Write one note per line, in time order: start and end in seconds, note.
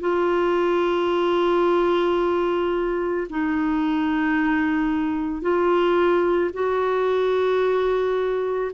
0.00 3.27 F4
3.30 5.41 D#4
5.41 6.51 F4
6.53 8.71 F#4